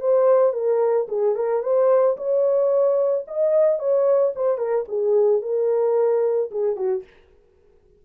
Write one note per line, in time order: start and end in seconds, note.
0.00 0.53 C5
0.53 1.07 A#4
1.08 1.35 G#4
1.35 1.62 A#4
1.62 2.16 C5
2.17 3.25 C#5
3.27 3.79 D#5
3.79 4.33 C#5
4.35 4.58 C5
4.58 4.85 A#4
4.88 5.42 G#4
5.42 6.50 A#4
6.51 6.76 G#4
6.76 7.03 F#4